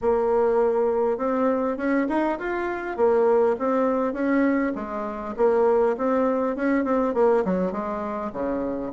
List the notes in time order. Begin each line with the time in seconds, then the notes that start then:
0.01 A#3
1.17 C4
1.77 C#4
2.08 D#4
2.38 F4
2.96 A#3
3.59 C4
4.13 C#4
4.75 G#3
5.37 A#3
5.97 C4
6.56 C#4
6.84 C4
7.14 A#3
7.44 F#3
7.71 G#3
8.32 C#3